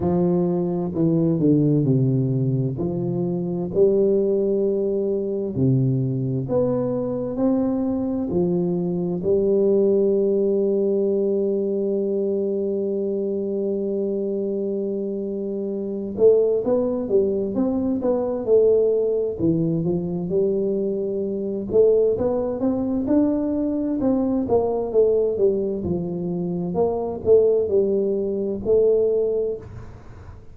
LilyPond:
\new Staff \with { instrumentName = "tuba" } { \time 4/4 \tempo 4 = 65 f4 e8 d8 c4 f4 | g2 c4 b4 | c'4 f4 g2~ | g1~ |
g4. a8 b8 g8 c'8 b8 | a4 e8 f8 g4. a8 | b8 c'8 d'4 c'8 ais8 a8 g8 | f4 ais8 a8 g4 a4 | }